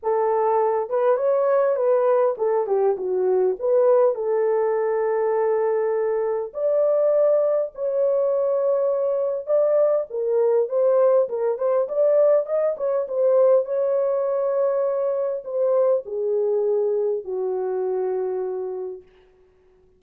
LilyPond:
\new Staff \with { instrumentName = "horn" } { \time 4/4 \tempo 4 = 101 a'4. b'8 cis''4 b'4 | a'8 g'8 fis'4 b'4 a'4~ | a'2. d''4~ | d''4 cis''2. |
d''4 ais'4 c''4 ais'8 c''8 | d''4 dis''8 cis''8 c''4 cis''4~ | cis''2 c''4 gis'4~ | gis'4 fis'2. | }